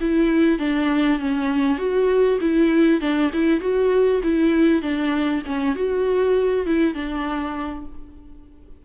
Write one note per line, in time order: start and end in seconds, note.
0.00 0.58 E4
0.58 1.19 D4
1.19 1.78 C#4
1.78 2.38 F#4
2.40 3.00 E4
3.00 3.31 D4
3.33 3.60 E4
3.60 4.21 F#4
4.23 4.82 E4
4.82 5.42 D4
5.45 5.75 C#4
5.75 6.66 F#4
6.66 6.94 E4
6.94 7.85 D4